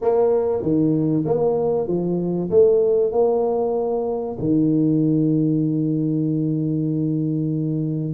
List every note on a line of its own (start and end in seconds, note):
0.01 0.62 A#3
0.62 1.24 D#3
1.25 1.87 A#3
1.87 2.50 F3
2.50 3.12 A3
3.12 4.37 A#3
4.39 8.13 D#3